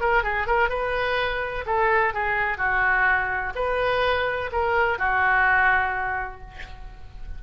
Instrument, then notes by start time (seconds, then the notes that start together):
oboe
0.00 A#4
0.23 G#4
0.47 A#4
0.69 B4
1.66 A4
2.13 G#4
2.58 F#4
3.55 B4
4.52 A#4
4.98 F#4